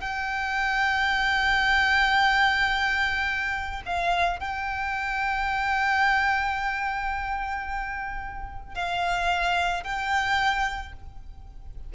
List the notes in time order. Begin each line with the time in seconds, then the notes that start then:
0.00 G5
3.85 F5
4.39 G5
8.74 F5
9.83 G5